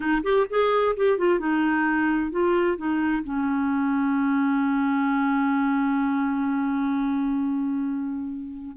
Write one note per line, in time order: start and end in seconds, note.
0.00 0.21 D#4
0.23 0.46 G4
0.49 0.95 G#4
0.96 1.17 G4
1.17 1.39 F4
1.39 2.31 D#4
2.31 2.77 F4
2.77 3.23 D#4
3.23 8.76 C#4